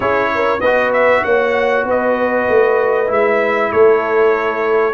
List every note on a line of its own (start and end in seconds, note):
0.00 0.60 C#4
0.00 0.59 E4
0.00 0.30 G#4
0.00 0.60 C#5
0.35 0.60 A#4
0.60 1.22 B3
0.60 3.06 F#4
0.60 1.22 B4
0.60 0.91 D#5
0.93 1.23 E5
1.23 1.84 A#3
1.23 1.86 C#5
1.23 1.85 F#5
1.84 2.46 B3
1.84 3.72 B4
1.84 3.12 D#5
2.49 3.10 A3
3.06 3.71 G#3
3.06 4.92 E4
3.06 3.72 E5
3.72 4.94 A3
3.72 4.94 A4
3.72 4.94 C#5